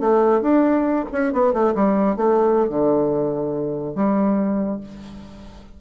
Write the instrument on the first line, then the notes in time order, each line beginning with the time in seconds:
bassoon
0.00 A3
0.42 D4
1.12 C#4
1.33 B3
1.53 A3
1.75 G3
2.17 A3
2.70 D3
3.95 G3